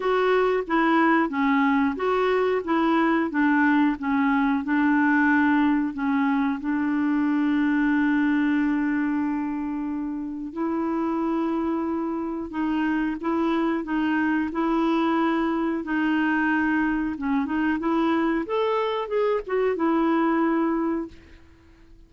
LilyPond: \new Staff \with { instrumentName = "clarinet" } { \time 4/4 \tempo 4 = 91 fis'4 e'4 cis'4 fis'4 | e'4 d'4 cis'4 d'4~ | d'4 cis'4 d'2~ | d'1 |
e'2. dis'4 | e'4 dis'4 e'2 | dis'2 cis'8 dis'8 e'4 | a'4 gis'8 fis'8 e'2 | }